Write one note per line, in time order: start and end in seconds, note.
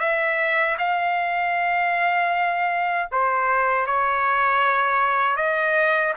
0.00 0.77 E5
0.79 3.09 F5
3.12 3.87 C5
3.87 5.37 C#5
5.37 6.14 D#5